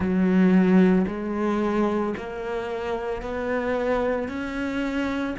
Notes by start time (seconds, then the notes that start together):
0.00 F#3
1.07 G#3
2.17 A#3
3.21 B3
4.28 C#4